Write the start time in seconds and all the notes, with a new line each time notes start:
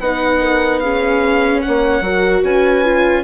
0.00 B3 D#4 B4 F#5
0.41 A#4
0.80 C#4 G#4 F5
1.62 A#3 C#5 F#5
2.01 F#3 F#4 A#4
2.43 C#4 B4 G#5
2.85 F4